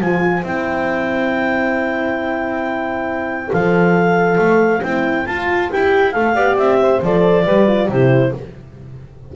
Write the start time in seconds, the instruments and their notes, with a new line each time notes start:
0.00 double bass F3, horn F4, saxophone C5, clarinet G#5
0.43 double bass C4, horn E4, clarinet G5
3.51 double bass F3, horn A4, clarinet F5
4.38 double bass A3
4.83 double bass C4, horn E4, clarinet G5
5.26 horn F4, double bass F4, clarinet A5
5.69 double bass E4, horn G4, clarinet G5
6.12 double bass A3, horn A4, clarinet F5
6.34 double bass B3, horn G4, saxophone D5
6.56 double bass C4, clarinet E5
6.81 saxophone C5
7.02 double bass F3, horn A4, clarinet D5
7.44 double bass G3, horn G4, saxophone B4
7.67 horn F4
7.87 double bass C3, horn E4, saxophone G4, clarinet C5